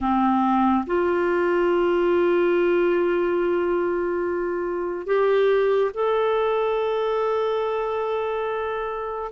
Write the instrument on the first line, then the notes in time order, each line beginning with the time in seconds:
clarinet
0.00 C4
0.86 F4
5.06 G4
5.93 A4